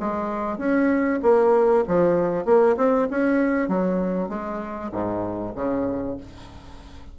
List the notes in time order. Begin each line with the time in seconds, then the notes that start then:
0.00 G#3
0.58 C#4
1.22 A#3
1.88 F3
2.45 A#3
2.77 C4
3.10 C#4
3.68 F#3
4.29 G#3
4.92 G#2
5.55 C#3